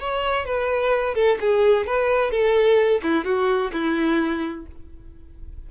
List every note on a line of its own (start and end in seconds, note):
0.00 0.46 C#5
0.46 1.15 B4
1.15 1.38 A4
1.41 1.87 G#4
1.87 2.31 B4
2.31 3.01 A4
3.03 3.25 E4
3.25 3.72 F#4
3.73 4.67 E4